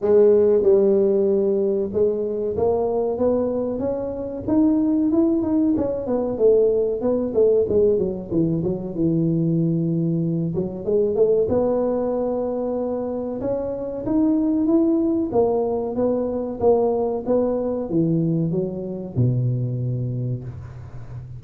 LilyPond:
\new Staff \with { instrumentName = "tuba" } { \time 4/4 \tempo 4 = 94 gis4 g2 gis4 | ais4 b4 cis'4 dis'4 | e'8 dis'8 cis'8 b8 a4 b8 a8 | gis8 fis8 e8 fis8 e2~ |
e8 fis8 gis8 a8 b2~ | b4 cis'4 dis'4 e'4 | ais4 b4 ais4 b4 | e4 fis4 b,2 | }